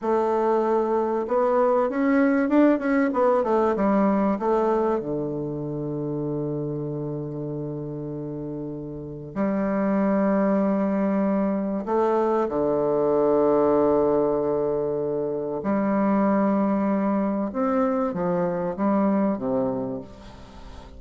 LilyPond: \new Staff \with { instrumentName = "bassoon" } { \time 4/4 \tempo 4 = 96 a2 b4 cis'4 | d'8 cis'8 b8 a8 g4 a4 | d1~ | d2. g4~ |
g2. a4 | d1~ | d4 g2. | c'4 f4 g4 c4 | }